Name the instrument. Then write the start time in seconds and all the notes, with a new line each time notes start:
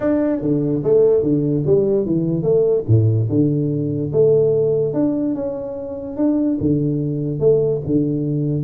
tuba
0.00 D4
0.41 D3
0.83 A3
1.22 D3
1.66 G3
2.05 E3
2.42 A3
2.87 A2
3.29 D3
4.12 A3
4.93 D4
5.34 C#4
6.16 D4
6.60 D3
7.39 A3
7.86 D3